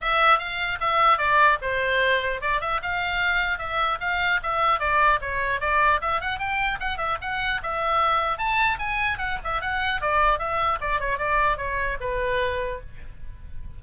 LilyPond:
\new Staff \with { instrumentName = "oboe" } { \time 4/4 \tempo 4 = 150 e''4 f''4 e''4 d''4 | c''2 d''8 e''8 f''4~ | f''4 e''4 f''4 e''4 | d''4 cis''4 d''4 e''8 fis''8 |
g''4 fis''8 e''8 fis''4 e''4~ | e''4 a''4 gis''4 fis''8 e''8 | fis''4 d''4 e''4 d''8 cis''8 | d''4 cis''4 b'2 | }